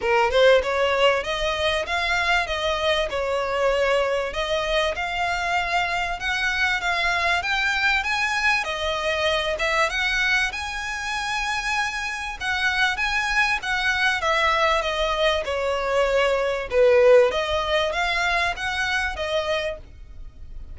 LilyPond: \new Staff \with { instrumentName = "violin" } { \time 4/4 \tempo 4 = 97 ais'8 c''8 cis''4 dis''4 f''4 | dis''4 cis''2 dis''4 | f''2 fis''4 f''4 | g''4 gis''4 dis''4. e''8 |
fis''4 gis''2. | fis''4 gis''4 fis''4 e''4 | dis''4 cis''2 b'4 | dis''4 f''4 fis''4 dis''4 | }